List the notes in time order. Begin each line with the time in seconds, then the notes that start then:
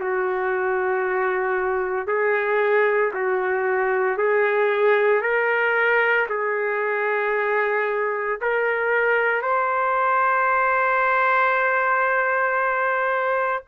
0.00 F#4
2.08 G#4
3.14 F#4
4.18 G#4
5.22 A#4
6.30 G#4
8.42 A#4
9.43 C5